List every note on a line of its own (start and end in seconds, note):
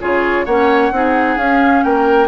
0.00 0.46 C#3
0.00 0.47 F4
0.00 0.45 G#4
0.00 0.45 C#5
0.45 0.91 A#3
0.45 0.93 C#4
0.45 0.92 C#5
0.45 1.38 F#5
0.91 1.37 C4
0.91 1.39 D#4
0.91 1.84 G#4
1.37 1.83 C#4
1.37 2.28 C#4
1.37 1.83 F5
1.83 2.28 A#3
1.83 2.28 A#4
1.83 2.28 G5